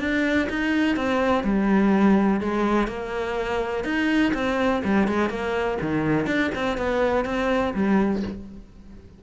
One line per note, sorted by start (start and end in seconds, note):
0.00 0.48 D4
0.49 0.96 D#4
0.96 1.44 C4
1.44 2.41 G3
2.41 2.88 G#3
2.88 3.84 A#3
3.84 4.33 D#4
4.34 4.83 C4
4.85 5.08 G3
5.08 5.29 G#3
5.29 5.78 A#3
5.82 6.27 D#3
6.27 6.51 D4
6.55 6.77 C4
6.77 7.25 B3
7.25 7.74 C4
7.74 8.23 G3